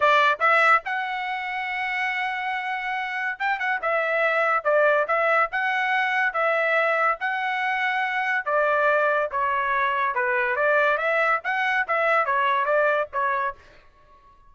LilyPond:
\new Staff \with { instrumentName = "trumpet" } { \time 4/4 \tempo 4 = 142 d''4 e''4 fis''2~ | fis''1 | g''8 fis''8 e''2 d''4 | e''4 fis''2 e''4~ |
e''4 fis''2. | d''2 cis''2 | b'4 d''4 e''4 fis''4 | e''4 cis''4 d''4 cis''4 | }